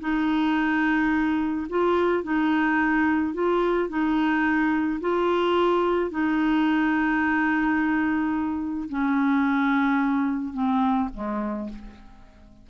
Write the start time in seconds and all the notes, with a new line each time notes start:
0.00 D#4
1.69 F4
2.23 D#4
3.34 F4
3.89 D#4
5.01 F4
6.10 D#4
8.89 C#4
10.53 C4
11.14 G#3